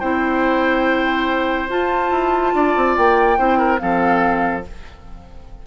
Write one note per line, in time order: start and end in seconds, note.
0.00 1.70 C4
0.00 1.70 E4
0.00 2.54 C5
0.00 1.69 G5
1.70 2.11 F4
1.70 3.38 F4
1.70 2.97 A5
2.11 2.53 E4
2.54 2.75 D4
2.54 3.38 D5
2.76 2.97 C4
2.97 3.38 A#3
2.97 3.79 G5
3.38 3.81 C4
3.38 3.78 E4
3.38 3.58 C5
3.58 3.80 A#4
3.78 4.67 F3
3.78 4.62 C4
3.78 4.67 A4
3.78 4.63 F5